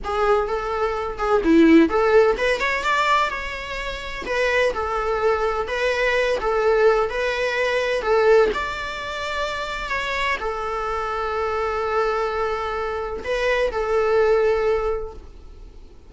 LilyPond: \new Staff \with { instrumentName = "viola" } { \time 4/4 \tempo 4 = 127 gis'4 a'4. gis'8 e'4 | a'4 b'8 cis''8 d''4 cis''4~ | cis''4 b'4 a'2 | b'4. a'4. b'4~ |
b'4 a'4 d''2~ | d''4 cis''4 a'2~ | a'1 | b'4 a'2. | }